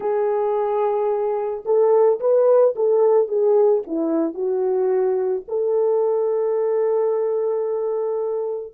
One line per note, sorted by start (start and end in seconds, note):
0.00 1.63 G#4
1.65 2.19 A4
2.20 2.74 B4
2.75 3.28 A4
3.28 3.82 G#4
3.87 4.33 E4
4.33 5.42 F#4
5.48 8.73 A4